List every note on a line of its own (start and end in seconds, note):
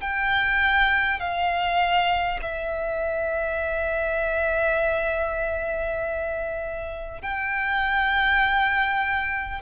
0.00 1.19 G5
1.19 2.39 F5
2.42 7.22 E5
7.22 9.61 G5